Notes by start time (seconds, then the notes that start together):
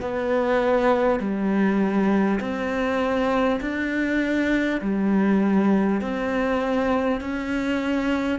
0.00 B3
1.19 G3
2.39 C4
3.61 D4
4.81 G3
6.01 C4
7.21 C#4